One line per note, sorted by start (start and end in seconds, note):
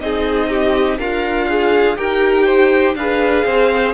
0.00 0.99 C4
0.00 0.98 D#4
0.00 0.49 G#4
0.00 0.98 D#5
0.49 0.98 G4
0.98 1.97 D4
0.98 1.98 F4
0.98 1.48 A#4
0.98 1.97 F5
1.49 1.97 G#4
1.97 2.95 D#4
1.97 2.95 G4
1.97 2.46 A#4
1.97 2.95 G5
2.46 2.95 C5
2.95 3.44 D4
2.95 3.94 G#4
2.95 3.45 B4
2.95 3.94 F5
3.45 3.94 C4
3.45 3.94 C5